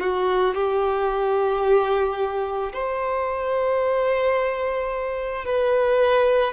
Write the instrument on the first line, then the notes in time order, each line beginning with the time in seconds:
violin
0.00 F#4
0.55 G4
2.73 C5
5.45 B4